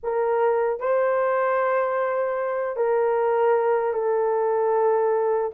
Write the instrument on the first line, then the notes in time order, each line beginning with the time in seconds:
horn
0.03 A#4
0.80 C5
2.76 A#4
3.93 A4